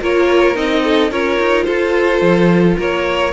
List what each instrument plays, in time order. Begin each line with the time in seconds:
0.00 cello A#3, viola F4, violin A#4 C#5
0.55 cello C4, viola D#4, violin D#5
0.84 violin A4
1.11 cello C#4, viola F4, violin A#4 C#5
1.40 cello D#4
1.64 cello F4, violin A4 C5
2.22 cello F3
2.78 cello A#3, violin A#4 C#5